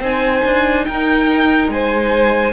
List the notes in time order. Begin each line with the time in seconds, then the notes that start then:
0.00 C4 D#4 C5 G#5
0.45 D4
0.86 D#4 A#4 G5
1.68 G#3 C5 G#5